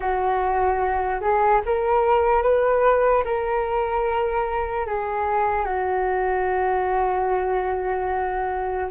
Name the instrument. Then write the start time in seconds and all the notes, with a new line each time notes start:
flute
0.00 F#4
1.21 G#4
1.65 A#4
2.42 B4
3.24 A#4
4.86 G#4
5.65 F#4